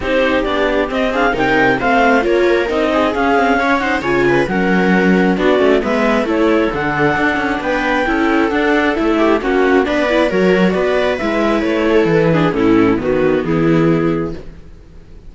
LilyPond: <<
  \new Staff \with { instrumentName = "clarinet" } { \time 4/4 \tempo 4 = 134 c''4 d''4 dis''8 f''8 g''4 | f''4 cis''4 dis''4 f''4~ | f''8 fis''8 gis''4 fis''2 | d''4 e''4 cis''4 fis''4~ |
fis''4 g''2 fis''4 | e''4 fis''4 d''4 cis''4 | d''4 e''4 cis''4 b'4 | a'4 b'4 gis'2 | }
  \new Staff \with { instrumentName = "viola" } { \time 4/4 g'2~ g'8 gis'8 ais'4 | c''4 ais'4. gis'4. | cis''8 c''8 cis''8 b'8 ais'2 | fis'4 b'4 a'2~ |
a'4 b'4 a'2~ | a'8 g'8 fis'4 b'4 ais'4 | b'2~ b'8 a'4 gis'8 | e'4 fis'4 e'2 | }
  \new Staff \with { instrumentName = "viola" } { \time 4/4 dis'4 d'4 c'8 d'8 dis'4 | c'4 f'4 dis'4 cis'8 c'8 | cis'8 dis'8 f'4 cis'2 | d'8 cis'8 b4 e'4 d'4~ |
d'2 e'4 d'4 | e'4 cis'4 d'8 e'8 fis'4~ | fis'4 e'2~ e'8 d'8 | cis'4 b2. | }
  \new Staff \with { instrumentName = "cello" } { \time 4/4 c'4 b4 c'4 c4 | a4 ais4 c'4 cis'4~ | cis'4 cis4 fis2 | b8 a8 gis4 a4 d4 |
d'8 cis'8 b4 cis'4 d'4 | a4 ais4 b4 fis4 | b4 gis4 a4 e4 | a,4 dis4 e2 | }
>>